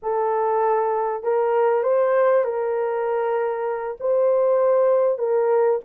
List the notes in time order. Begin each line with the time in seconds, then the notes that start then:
0.02 A4
1.23 A#4
1.83 C5
2.44 A#4
4.00 C5
5.18 A#4